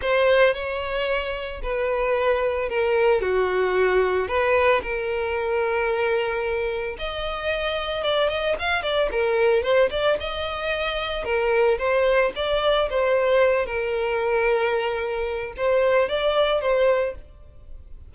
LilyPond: \new Staff \with { instrumentName = "violin" } { \time 4/4 \tempo 4 = 112 c''4 cis''2 b'4~ | b'4 ais'4 fis'2 | b'4 ais'2.~ | ais'4 dis''2 d''8 dis''8 |
f''8 d''8 ais'4 c''8 d''8 dis''4~ | dis''4 ais'4 c''4 d''4 | c''4. ais'2~ ais'8~ | ais'4 c''4 d''4 c''4 | }